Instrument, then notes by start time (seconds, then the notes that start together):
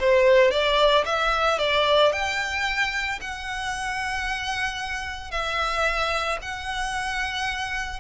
violin
0.00 C5
0.51 D5
1.06 E5
1.59 D5
2.13 G5
3.21 F#5
5.31 E5
6.42 F#5